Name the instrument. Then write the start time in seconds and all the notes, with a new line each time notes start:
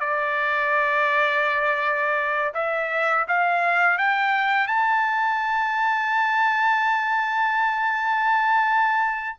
trumpet
0.00 D5
2.54 E5
3.28 F5
3.98 G5
4.67 A5